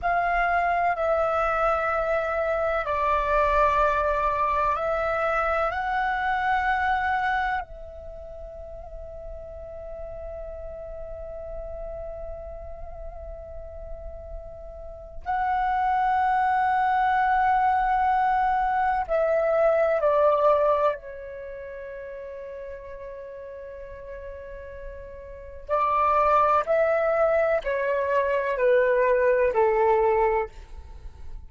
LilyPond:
\new Staff \with { instrumentName = "flute" } { \time 4/4 \tempo 4 = 63 f''4 e''2 d''4~ | d''4 e''4 fis''2 | e''1~ | e''1 |
fis''1 | e''4 d''4 cis''2~ | cis''2. d''4 | e''4 cis''4 b'4 a'4 | }